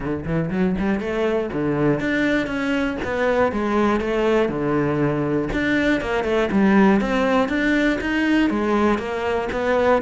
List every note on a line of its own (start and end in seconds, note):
0.00 0.24 D3
0.25 0.50 E3
0.50 0.75 F#3
0.78 1.00 G3
1.00 1.50 A3
1.52 2.00 D3
2.00 2.46 D4
2.46 2.96 C#4
3.04 3.52 B3
3.52 4.00 G#3
4.00 4.48 A3
4.48 5.48 D3
5.52 6.00 D4
6.00 6.24 A#3
6.24 6.49 A3
6.51 7.00 G3
7.00 7.48 C4
7.48 7.98 D4
8.00 8.50 D#4
8.50 8.98 G#3
8.98 9.48 A#3
9.51 10.01 B3